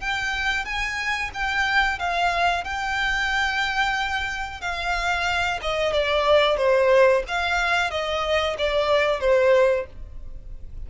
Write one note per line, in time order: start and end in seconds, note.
0.00 0.64 G5
0.64 1.30 G#5
1.34 1.99 G5
1.99 2.64 F5
2.64 4.61 G5
4.61 5.60 F5
5.62 5.93 D#5
5.93 6.57 D5
6.57 7.23 C5
7.27 7.90 F5
7.90 8.56 D#5
8.58 9.20 D5
9.20 9.86 C5